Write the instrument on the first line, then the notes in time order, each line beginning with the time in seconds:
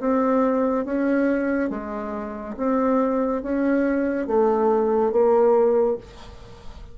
bassoon
0.00 C4
0.85 C#4
1.70 G#3
2.58 C4
3.43 C#4
4.27 A3
5.12 A#3